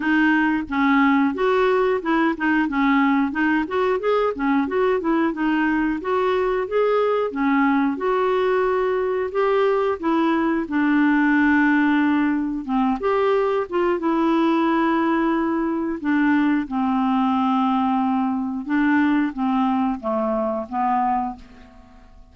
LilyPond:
\new Staff \with { instrumentName = "clarinet" } { \time 4/4 \tempo 4 = 90 dis'4 cis'4 fis'4 e'8 dis'8 | cis'4 dis'8 fis'8 gis'8 cis'8 fis'8 e'8 | dis'4 fis'4 gis'4 cis'4 | fis'2 g'4 e'4 |
d'2. c'8 g'8~ | g'8 f'8 e'2. | d'4 c'2. | d'4 c'4 a4 b4 | }